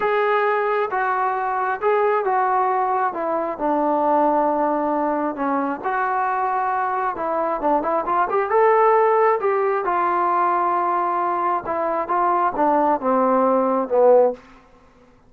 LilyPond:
\new Staff \with { instrumentName = "trombone" } { \time 4/4 \tempo 4 = 134 gis'2 fis'2 | gis'4 fis'2 e'4 | d'1 | cis'4 fis'2. |
e'4 d'8 e'8 f'8 g'8 a'4~ | a'4 g'4 f'2~ | f'2 e'4 f'4 | d'4 c'2 b4 | }